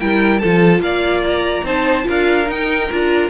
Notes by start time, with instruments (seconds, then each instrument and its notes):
0.00 cello G3, viola E4, violin A#4 G5
0.39 cello F3, viola F4, violin A4 A5
0.79 cello A#3, violin D5 F5
1.28 violin A#5
1.63 cello C4, viola D#4, violin C5 A5
2.03 cello D4, viola F4, violin A#4
2.09 violin F5
2.46 viola D#4, cello D#4, violin G5
2.91 cello D4, viola F4, violin A#5